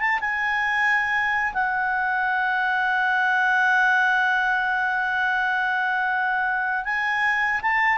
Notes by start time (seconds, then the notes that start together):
0.00 A5
0.20 G#5
1.54 F#5
6.85 G#5
7.62 A5